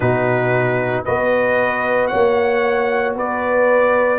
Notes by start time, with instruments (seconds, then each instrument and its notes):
0.00 tuba B2, trombone D#4, horn F#4, trumpet B4
1.04 tuba B3, trombone F#4, horn B4, trumpet D#5
2.07 tuba A#3, horn C#5, trumpet F#5
3.15 tuba B3, horn B4, trumpet D5